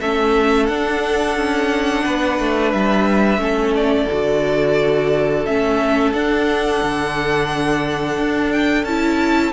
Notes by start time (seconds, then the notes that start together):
0.00 A3 C#4 A4 E5
0.66 D4 F#5
1.36 C#4
2.04 B3 B4
2.39 A3
2.72 G3 E5
3.38 A3 C#4 A4
3.75 D5
4.11 D3 F#4
5.45 A3 C#4 E5
6.13 D4 F#5
6.83 D3
8.18 D4
8.52 G5
8.84 C#4 E4 A5